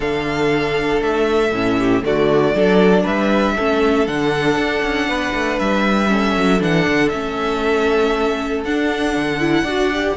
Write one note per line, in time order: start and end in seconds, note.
0.00 1.00 D3
0.00 1.51 D4
0.00 1.77 A4
0.00 1.02 F5
1.01 1.52 A3
1.01 2.03 E5
1.52 2.03 A2
1.52 2.03 C#4
1.78 2.03 G4
2.03 2.54 D3
2.03 2.54 A3
2.03 2.55 F#4
2.03 3.06 D5
2.54 3.04 F#3
2.54 3.57 D4
2.54 3.03 A4
3.03 3.56 G3
3.03 3.54 B4
3.03 4.07 E5
3.56 4.07 A3
3.56 4.06 C#4
3.56 5.08 A4
4.06 4.56 D3
4.06 6.08 D4
4.06 5.59 F#5
4.56 4.81 D4
4.83 5.08 C#4
5.08 5.33 B3
5.08 6.10 B4
5.33 5.58 A3
5.59 6.36 G3
5.59 6.60 E5
6.08 6.59 C#4
6.08 9.63 A4
6.36 6.61 F#3
6.59 6.86 E3
6.59 7.10 D4
6.59 7.08 F#5
6.87 7.12 D3
7.08 8.65 A3
7.08 8.65 C#4
7.08 8.61 E5
8.64 9.15 D4
8.64 9.39 D4
8.64 10.17 F#5
9.16 9.62 D3
9.39 9.65 E4
9.62 10.13 D4
9.62 9.92 F#4
9.62 10.14 D5
9.93 10.17 G4